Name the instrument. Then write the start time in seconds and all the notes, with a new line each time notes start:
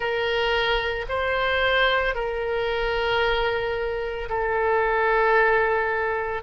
oboe
0.00 A#4
1.08 C5
2.14 A#4
4.29 A4